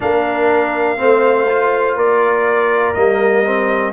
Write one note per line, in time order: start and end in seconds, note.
0.00 1.00 A#3
0.00 0.97 D4
0.00 0.99 A#4
0.00 1.97 F5
0.97 1.95 A3
0.97 1.46 C4
0.97 1.96 C5
1.48 2.95 F4
1.95 2.94 A#3
1.95 3.93 A#4
1.95 2.93 D5
2.93 3.93 G3
2.93 3.44 A#3
2.93 3.92 D#5
3.44 3.93 C4